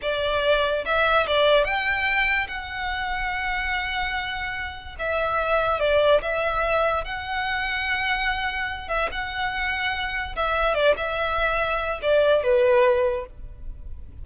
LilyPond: \new Staff \with { instrumentName = "violin" } { \time 4/4 \tempo 4 = 145 d''2 e''4 d''4 | g''2 fis''2~ | fis''1 | e''2 d''4 e''4~ |
e''4 fis''2.~ | fis''4. e''8 fis''2~ | fis''4 e''4 d''8 e''4.~ | e''4 d''4 b'2 | }